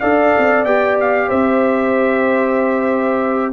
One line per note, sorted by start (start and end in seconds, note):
0.00 0.35 D4
0.00 0.65 A4
0.00 1.27 D5
0.00 0.64 F5
0.37 0.64 C4
0.64 1.28 B3
0.64 3.53 G4
0.64 0.96 G5
1.00 1.30 F5
1.27 3.53 C4
1.27 3.51 C5
1.27 3.53 E5